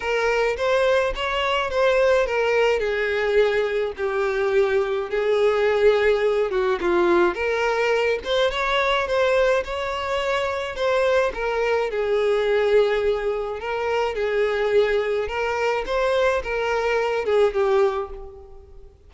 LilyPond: \new Staff \with { instrumentName = "violin" } { \time 4/4 \tempo 4 = 106 ais'4 c''4 cis''4 c''4 | ais'4 gis'2 g'4~ | g'4 gis'2~ gis'8 fis'8 | f'4 ais'4. c''8 cis''4 |
c''4 cis''2 c''4 | ais'4 gis'2. | ais'4 gis'2 ais'4 | c''4 ais'4. gis'8 g'4 | }